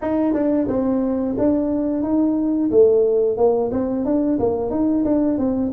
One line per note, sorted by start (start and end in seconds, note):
0.01 0.33 D#4
0.33 0.67 D4
0.68 1.35 C4
1.38 2.03 D4
2.03 2.70 D#4
2.70 3.37 A3
3.37 3.70 A#3
3.71 4.05 C4
4.05 4.39 D4
4.39 4.70 A#3
4.70 5.04 D#4
5.04 5.37 D4
5.37 5.71 C4